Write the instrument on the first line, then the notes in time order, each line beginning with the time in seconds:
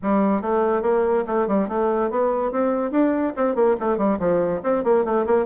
bassoon
0.02 G3
0.41 A3
0.82 A#3
1.27 A3
1.47 G3
1.68 A3
2.10 B3
2.51 C4
2.91 D4
3.36 C4
3.55 A#3
3.80 A3
3.97 G3
4.19 F3
4.63 C4
4.84 A#3
5.04 A3
5.26 A#3